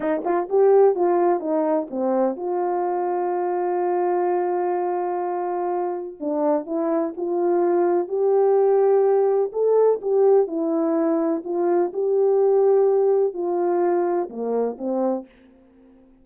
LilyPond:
\new Staff \with { instrumentName = "horn" } { \time 4/4 \tempo 4 = 126 dis'8 f'8 g'4 f'4 dis'4 | c'4 f'2.~ | f'1~ | f'4 d'4 e'4 f'4~ |
f'4 g'2. | a'4 g'4 e'2 | f'4 g'2. | f'2 ais4 c'4 | }